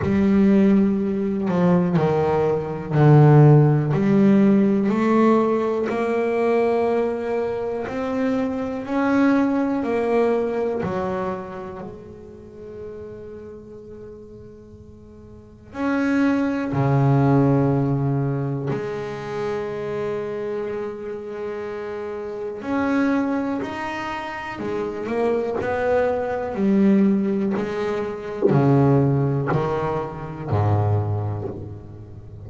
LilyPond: \new Staff \with { instrumentName = "double bass" } { \time 4/4 \tempo 4 = 61 g4. f8 dis4 d4 | g4 a4 ais2 | c'4 cis'4 ais4 fis4 | gis1 |
cis'4 cis2 gis4~ | gis2. cis'4 | dis'4 gis8 ais8 b4 g4 | gis4 cis4 dis4 gis,4 | }